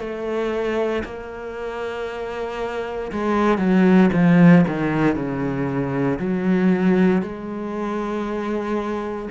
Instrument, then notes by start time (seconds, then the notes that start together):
cello
0.00 A3
1.05 A#3
3.12 G#3
3.59 F#3
4.13 F3
4.68 D#3
5.16 C#3
6.20 F#3
7.22 G#3